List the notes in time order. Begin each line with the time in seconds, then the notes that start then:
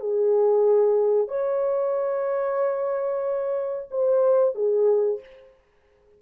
0.00 G#4
1.28 C#5
3.91 C5
4.55 G#4